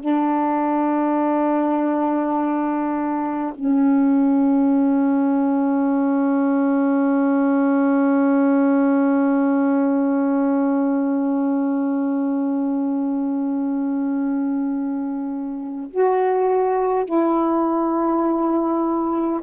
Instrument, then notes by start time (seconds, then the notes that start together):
saxophone
0.00 D4
3.55 C#4
15.90 F#4
17.05 E4